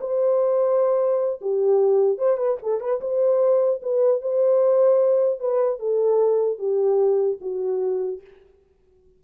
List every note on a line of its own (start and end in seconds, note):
0.00 1.40 C5
1.41 2.18 G4
2.18 2.37 C5
2.37 2.57 B4
2.62 2.80 A4
2.80 3.00 B4
3.01 3.81 C5
3.82 4.21 B4
4.21 5.39 C5
5.39 5.79 B4
5.79 6.58 A4
6.58 7.38 G4
7.41 8.21 F#4